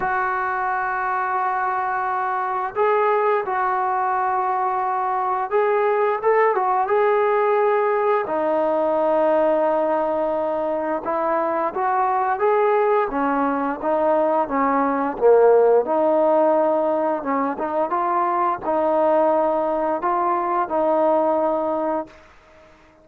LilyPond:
\new Staff \with { instrumentName = "trombone" } { \time 4/4 \tempo 4 = 87 fis'1 | gis'4 fis'2. | gis'4 a'8 fis'8 gis'2 | dis'1 |
e'4 fis'4 gis'4 cis'4 | dis'4 cis'4 ais4 dis'4~ | dis'4 cis'8 dis'8 f'4 dis'4~ | dis'4 f'4 dis'2 | }